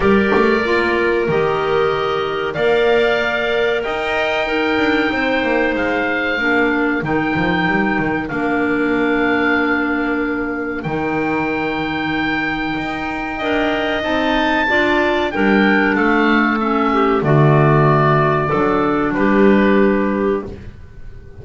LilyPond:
<<
  \new Staff \with { instrumentName = "oboe" } { \time 4/4 \tempo 4 = 94 d''2 dis''2 | f''2 g''2~ | g''4 f''2 g''4~ | g''4 f''2.~ |
f''4 g''2.~ | g''2 a''2 | g''4 f''4 e''4 d''4~ | d''2 b'2 | }
  \new Staff \with { instrumentName = "clarinet" } { \time 4/4 ais'1 | d''2 dis''4 ais'4 | c''2 ais'2~ | ais'1~ |
ais'1~ | ais'4 dis''2 d''4 | ais'4 a'4. g'8 fis'4~ | fis'4 a'4 g'2 | }
  \new Staff \with { instrumentName = "clarinet" } { \time 4/4 g'4 f'4 g'2 | ais'2. dis'4~ | dis'2 d'4 dis'4~ | dis'4 d'2.~ |
d'4 dis'2.~ | dis'4 ais'4 dis'4 f'4 | d'2 cis'4 a4~ | a4 d'2. | }
  \new Staff \with { instrumentName = "double bass" } { \time 4/4 g8 a8 ais4 dis2 | ais2 dis'4. d'8 | c'8 ais8 gis4 ais4 dis8 f8 | g8 dis8 ais2.~ |
ais4 dis2. | dis'4 d'4 c'4 d'4 | g4 a2 d4~ | d4 fis4 g2 | }
>>